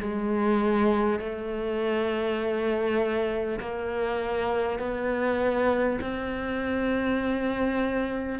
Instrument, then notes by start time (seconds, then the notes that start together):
cello
0.00 G#3
1.19 A3
3.60 A#3
4.79 B3
6.01 C4